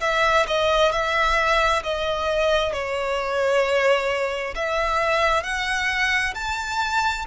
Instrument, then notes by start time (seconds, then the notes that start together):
violin
0.00 E5
0.47 D#5
0.91 E5
1.83 D#5
2.72 C#5
4.55 E5
5.43 F#5
6.34 A5